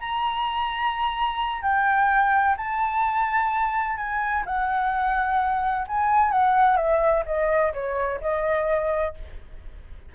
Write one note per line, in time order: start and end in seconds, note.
0.00 1.62 A#5
1.62 2.56 G5
2.57 3.97 A5
3.97 4.44 G#5
4.46 5.86 F#5
5.87 6.32 G#5
6.32 6.77 F#5
6.77 7.24 E5
7.26 7.73 D#5
7.73 8.20 C#5
8.21 9.15 D#5